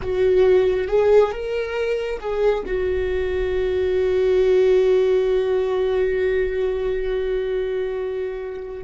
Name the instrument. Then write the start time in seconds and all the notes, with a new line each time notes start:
viola
0.02 F#4
0.87 G#4
1.31 A#4
2.19 G#4
2.66 F#4